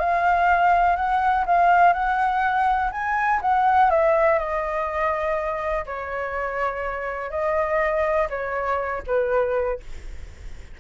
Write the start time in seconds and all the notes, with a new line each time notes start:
0.00 F5
0.96 F#5
1.46 F5
1.94 F#5
2.92 G#5
3.42 F#5
3.91 E5
4.39 D#5
5.86 C#5
7.31 D#5
8.30 C#5
9.07 B4